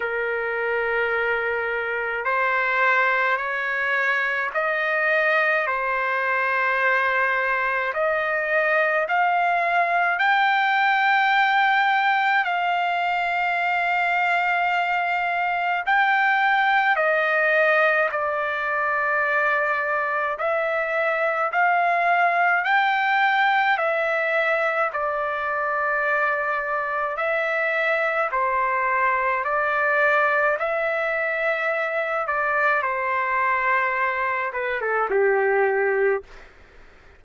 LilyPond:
\new Staff \with { instrumentName = "trumpet" } { \time 4/4 \tempo 4 = 53 ais'2 c''4 cis''4 | dis''4 c''2 dis''4 | f''4 g''2 f''4~ | f''2 g''4 dis''4 |
d''2 e''4 f''4 | g''4 e''4 d''2 | e''4 c''4 d''4 e''4~ | e''8 d''8 c''4. b'16 a'16 g'4 | }